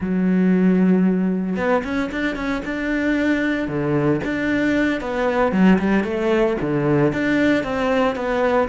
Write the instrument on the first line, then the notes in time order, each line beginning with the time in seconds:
cello
0.00 F#3
1.56 B3
1.84 C#4
2.11 D4
2.35 C#4
2.65 D4
3.68 D3
4.24 D4
5.00 B3
5.52 F#3
5.78 G3
6.04 A3
6.61 D3
7.12 D4
7.63 C4
8.15 B3